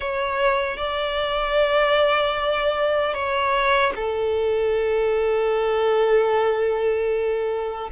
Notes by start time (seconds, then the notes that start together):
0.00 C#5
0.77 D5
3.14 C#5
3.95 A4